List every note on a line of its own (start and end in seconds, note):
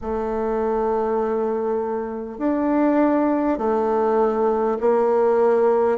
0.01 2.38 A3
2.38 3.57 D4
3.57 4.77 A3
4.80 5.98 A#3